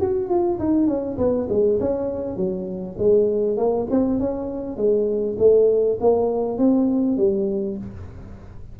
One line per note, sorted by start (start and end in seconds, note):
0.00 0.29 F#4
0.29 0.59 F4
0.59 0.87 D#4
0.87 1.17 C#4
1.18 1.48 B3
1.49 1.79 G#3
1.80 2.36 C#4
2.36 2.96 F#3
2.98 3.57 G#3
3.57 3.87 A#3
3.91 4.19 C4
4.19 4.77 C#4
4.77 5.37 G#3
5.38 5.98 A3
6.00 6.58 A#3
6.58 7.17 C4
7.17 7.77 G3